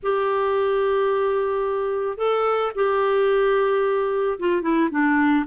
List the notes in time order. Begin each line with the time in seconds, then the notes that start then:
0.02 G4
2.17 A4
2.75 G4
4.39 F4
4.62 E4
4.90 D4